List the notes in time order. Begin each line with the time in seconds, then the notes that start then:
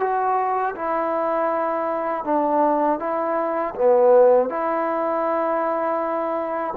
0.00 F#4
0.76 E4
2.25 D4
3.00 E4
3.75 B3
4.50 E4